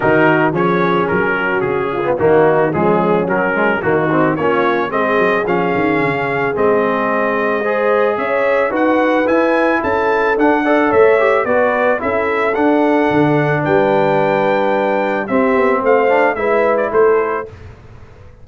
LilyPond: <<
  \new Staff \with { instrumentName = "trumpet" } { \time 4/4 \tempo 4 = 110 ais'4 cis''4 ais'4 gis'4 | fis'4 gis'4 ais'4 fis'4 | cis''4 dis''4 f''2 | dis''2. e''4 |
fis''4 gis''4 a''4 fis''4 | e''4 d''4 e''4 fis''4~ | fis''4 g''2. | e''4 f''4 e''8. d''16 c''4 | }
  \new Staff \with { instrumentName = "horn" } { \time 4/4 fis'4 gis'4. fis'4 f'8 | dis'4 cis'2 dis'4 | f'4 gis'2.~ | gis'2 c''4 cis''4 |
b'2 a'4. d''8 | cis''4 b'4 a'2~ | a'4 b'2. | g'4 c''4 b'4 a'4 | }
  \new Staff \with { instrumentName = "trombone" } { \time 4/4 dis'4 cis'2~ cis'8. b16 | ais4 gis4 fis8 gis8 ais8 c'8 | cis'4 c'4 cis'2 | c'2 gis'2 |
fis'4 e'2 d'8 a'8~ | a'8 g'8 fis'4 e'4 d'4~ | d'1 | c'4. d'8 e'2 | }
  \new Staff \with { instrumentName = "tuba" } { \time 4/4 dis4 f4 fis4 cis4 | dis4 f4 fis4 dis4 | ais4 gis8 fis8 f8 dis8 cis4 | gis2. cis'4 |
dis'4 e'4 cis'4 d'4 | a4 b4 cis'4 d'4 | d4 g2. | c'8 b8 a4 gis4 a4 | }
>>